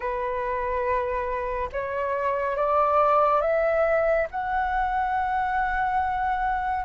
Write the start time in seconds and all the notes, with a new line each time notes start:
0.00 B4
1.72 C#5
2.56 D5
3.41 E5
4.31 F#5